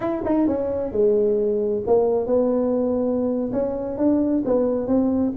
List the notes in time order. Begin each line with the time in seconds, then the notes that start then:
0.00 E4
0.24 D#4
0.47 C#4
0.92 G#3
1.87 A#3
2.26 B3
3.52 C#4
3.97 D4
4.45 B3
4.87 C4